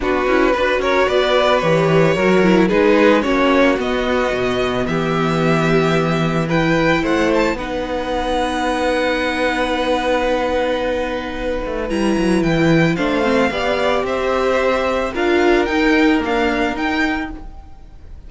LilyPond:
<<
  \new Staff \with { instrumentName = "violin" } { \time 4/4 \tempo 4 = 111 b'4. cis''8 d''4 cis''4~ | cis''4 b'4 cis''4 dis''4~ | dis''4 e''2. | g''4 fis''8 a''8 fis''2~ |
fis''1~ | fis''2 ais''4 g''4 | f''2 e''2 | f''4 g''4 f''4 g''4 | }
  \new Staff \with { instrumentName = "violin" } { \time 4/4 fis'4 b'8 ais'8 b'2 | ais'4 gis'4 fis'2~ | fis'4 g'2. | b'4 c''4 b'2~ |
b'1~ | b'1 | c''4 d''4 c''2 | ais'1 | }
  \new Staff \with { instrumentName = "viola" } { \time 4/4 d'8 e'8 fis'2 g'4 | fis'8 e'8 dis'4 cis'4 b4~ | b1 | e'2 dis'2~ |
dis'1~ | dis'2 e'2 | d'8 c'8 g'2. | f'4 dis'4 ais4 dis'4 | }
  \new Staff \with { instrumentName = "cello" } { \time 4/4 b8 cis'8 d'8 cis'8 b4 e4 | fis4 gis4 ais4 b4 | b,4 e2.~ | e4 a4 b2~ |
b1~ | b4. a8 g8 fis8 e4 | a4 b4 c'2 | d'4 dis'4 d'4 dis'4 | }
>>